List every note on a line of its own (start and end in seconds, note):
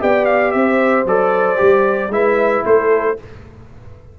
0.00 0.54 B3
0.00 1.05 G4
0.00 0.55 D5
0.00 0.26 G5
0.26 0.52 F5
0.52 1.06 C4
0.52 2.14 C5
0.52 1.04 E5
1.06 1.58 F#3
1.06 1.57 A4
1.06 2.13 D5
1.57 2.10 G3
1.57 2.09 G4
2.10 2.62 G#3
2.10 3.17 E4
2.10 2.66 B4
2.10 2.65 E5
2.66 3.19 A3
2.66 3.19 A4
2.66 3.19 C5